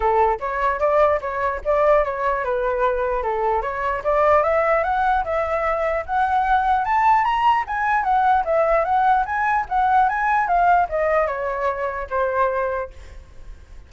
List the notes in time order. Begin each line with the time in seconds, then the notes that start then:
0.00 A4
0.40 C#5
0.79 D5
1.21 C#5
1.64 D5
2.04 C#5
2.44 B4
3.23 A4
3.62 C#5
4.04 D5
4.43 E5
4.83 F#5
5.24 E5
6.05 F#5
6.84 A5
7.24 A#5
7.67 G#5
8.03 F#5
8.45 E5
8.84 F#5
9.25 G#5
9.68 F#5
10.08 G#5
10.47 F5
10.89 D#5
11.27 C#5
12.10 C5